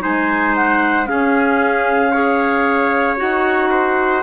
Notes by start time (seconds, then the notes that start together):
0.00 G#3 D#4 C5 G#5
0.56 F#5
1.06 C#4 G#4 F5
2.12 G#4 C#5
3.17 D#4 F#4 F#5
3.71 C5